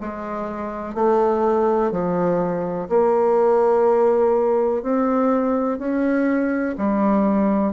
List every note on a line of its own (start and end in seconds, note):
0.00 0.94 G#3
0.94 1.91 A3
1.91 2.88 F3
2.89 4.82 A#3
4.82 5.78 C4
5.78 6.75 C#4
6.77 7.73 G3